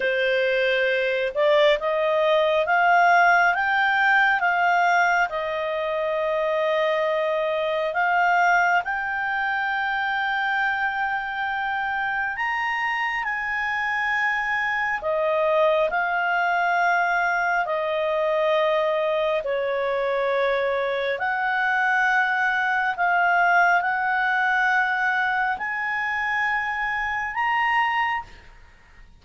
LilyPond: \new Staff \with { instrumentName = "clarinet" } { \time 4/4 \tempo 4 = 68 c''4. d''8 dis''4 f''4 | g''4 f''4 dis''2~ | dis''4 f''4 g''2~ | g''2 ais''4 gis''4~ |
gis''4 dis''4 f''2 | dis''2 cis''2 | fis''2 f''4 fis''4~ | fis''4 gis''2 ais''4 | }